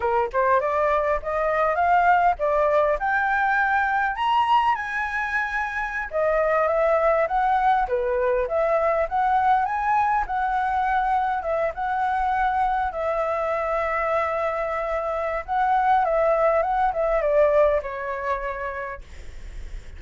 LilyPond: \new Staff \with { instrumentName = "flute" } { \time 4/4 \tempo 4 = 101 ais'8 c''8 d''4 dis''4 f''4 | d''4 g''2 ais''4 | gis''2~ gis''16 dis''4 e''8.~ | e''16 fis''4 b'4 e''4 fis''8.~ |
fis''16 gis''4 fis''2 e''8 fis''16~ | fis''4.~ fis''16 e''2~ e''16~ | e''2 fis''4 e''4 | fis''8 e''8 d''4 cis''2 | }